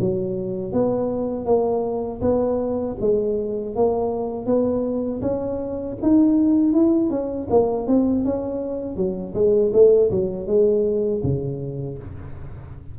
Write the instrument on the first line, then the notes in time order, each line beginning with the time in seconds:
tuba
0.00 F#3
0.72 B3
1.46 A#3
2.21 B3
3.00 G#3
3.75 A#3
4.46 B3
5.22 C#4
6.02 D#4
6.73 E4
7.10 C#4
7.50 A#3
7.87 C4
8.25 C#4
8.97 F#3
9.34 G#3
9.73 A3
10.11 F#3
10.47 G#3
11.23 C#3